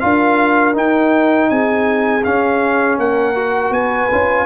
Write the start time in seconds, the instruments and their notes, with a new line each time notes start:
0.00 tuba D4, trombone F4, horn A#4, trumpet F5
0.73 trombone D#4, tuba D#4, trumpet G5
1.50 tuba C4, horn G#4, trumpet G#5
2.24 tuba C#4, trombone C#4, trumpet F5
2.98 tuba A#3, horn A#4, trumpet F#5
3.35 trombone F#4
3.70 tuba B3, horn B4, trumpet G#5
4.11 tuba C#4, trombone F4